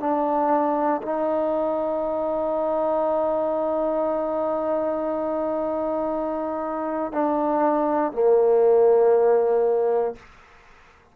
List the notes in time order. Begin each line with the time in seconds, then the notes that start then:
0.00 D4
1.03 D#4
7.12 D4
8.13 A#3